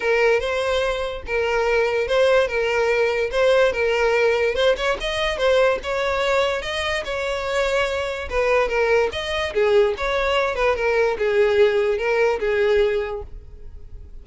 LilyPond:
\new Staff \with { instrumentName = "violin" } { \time 4/4 \tempo 4 = 145 ais'4 c''2 ais'4~ | ais'4 c''4 ais'2 | c''4 ais'2 c''8 cis''8 | dis''4 c''4 cis''2 |
dis''4 cis''2. | b'4 ais'4 dis''4 gis'4 | cis''4. b'8 ais'4 gis'4~ | gis'4 ais'4 gis'2 | }